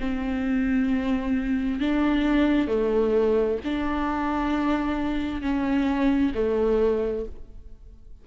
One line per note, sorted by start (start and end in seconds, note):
0.00 1.80 C4
1.80 2.68 D4
2.68 3.59 A3
3.64 5.42 D4
5.42 6.33 C#4
6.35 7.26 A3